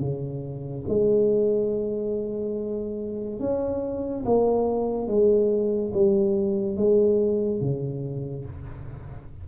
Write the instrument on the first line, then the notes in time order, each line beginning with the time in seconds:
tuba
0.00 C#3
0.89 G#3
3.40 C#4
4.26 A#3
5.08 G#3
5.94 G3
6.76 G#3
7.61 C#3